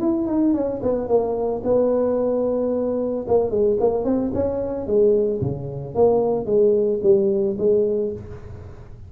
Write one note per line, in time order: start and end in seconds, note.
0.00 0.27 E4
0.27 0.54 D#4
0.54 0.81 C#4
0.83 1.08 B3
1.08 1.62 A#3
1.64 3.26 B3
3.28 3.50 A#3
3.50 3.77 G#3
3.80 4.04 A#3
4.04 4.31 C4
4.34 4.86 C#4
4.86 5.41 G#3
5.41 5.95 C#3
5.95 6.46 A#3
6.46 7.00 G#3
7.03 7.57 G3
7.58 8.12 G#3